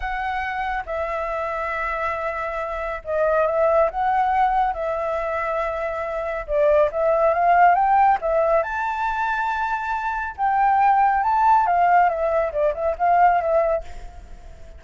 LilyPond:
\new Staff \with { instrumentName = "flute" } { \time 4/4 \tempo 4 = 139 fis''2 e''2~ | e''2. dis''4 | e''4 fis''2 e''4~ | e''2. d''4 |
e''4 f''4 g''4 e''4 | a''1 | g''2 a''4 f''4 | e''4 d''8 e''8 f''4 e''4 | }